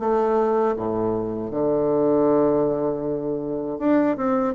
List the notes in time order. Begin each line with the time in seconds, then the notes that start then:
0.00 A3
0.77 A2
1.52 D3
3.79 D4
4.17 C4